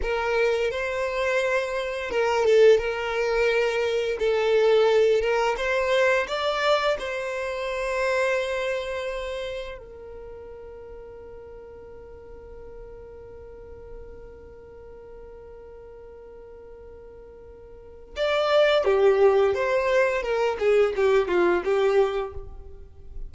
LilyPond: \new Staff \with { instrumentName = "violin" } { \time 4/4 \tempo 4 = 86 ais'4 c''2 ais'8 a'8 | ais'2 a'4. ais'8 | c''4 d''4 c''2~ | c''2 ais'2~ |
ais'1~ | ais'1~ | ais'2 d''4 g'4 | c''4 ais'8 gis'8 g'8 f'8 g'4 | }